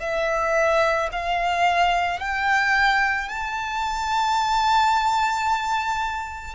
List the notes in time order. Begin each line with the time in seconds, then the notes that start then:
0.00 E5
1.12 F5
2.19 G5
3.28 A5